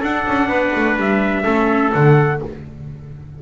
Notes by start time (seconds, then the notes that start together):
0.00 D4 A4 F#5
0.28 C#4
0.48 B3 B4
0.75 A3
0.97 G3 E5
1.44 A3 C#4 A4
1.93 D3 A3 F#5